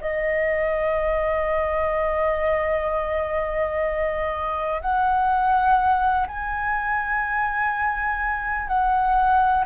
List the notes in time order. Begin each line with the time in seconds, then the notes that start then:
0.00 D#5
4.81 F#5
6.27 G#5
8.67 F#5